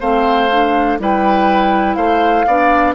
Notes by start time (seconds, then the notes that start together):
0.00 A3 C4 C5 F5
0.50 D4
0.99 G3 E4 B4 G5
1.95 A3 C5 F5
2.47 B3 D4 D5